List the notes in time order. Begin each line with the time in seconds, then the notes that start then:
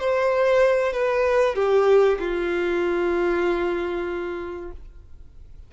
0.00 C5
0.93 B4
1.56 G4
2.20 F4